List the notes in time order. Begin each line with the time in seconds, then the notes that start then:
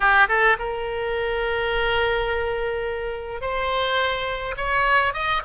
0.00 G4
0.28 A4
0.58 A#4
3.41 C5
4.57 C#5
5.13 D#5